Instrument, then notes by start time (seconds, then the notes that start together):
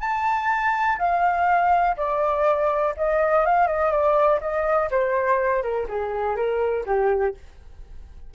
flute
0.00 A5
0.98 F5
1.97 D5
2.96 D#5
3.45 F5
3.67 D#5
3.91 D5
4.40 D#5
4.91 C5
5.62 A#4
5.88 G#4
6.35 A#4
6.86 G4